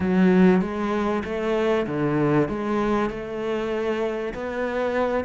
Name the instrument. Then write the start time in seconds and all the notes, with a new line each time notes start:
cello
0.00 F#3
0.61 G#3
1.24 A3
1.87 D3
2.48 G#3
3.10 A3
4.34 B3